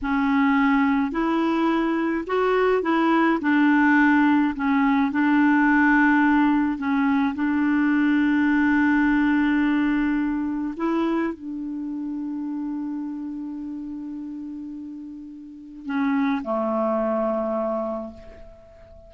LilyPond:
\new Staff \with { instrumentName = "clarinet" } { \time 4/4 \tempo 4 = 106 cis'2 e'2 | fis'4 e'4 d'2 | cis'4 d'2. | cis'4 d'2.~ |
d'2. e'4 | d'1~ | d'1 | cis'4 a2. | }